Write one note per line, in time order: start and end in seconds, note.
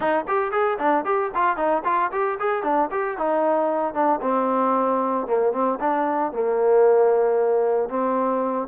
0.00 0.25 D#4
0.27 0.51 G4
0.51 0.78 G#4
0.78 1.05 D4
1.05 1.31 G4
1.34 1.56 F4
1.56 1.83 D#4
1.84 2.10 F4
2.12 2.38 G4
2.39 2.63 G#4
2.63 2.89 D4
2.91 3.17 G4
3.17 3.93 D#4
3.93 4.20 D4
4.21 5.26 C4
5.26 5.52 A#3
5.52 5.78 C4
5.80 6.32 D4
6.32 7.89 A#3
7.89 8.68 C4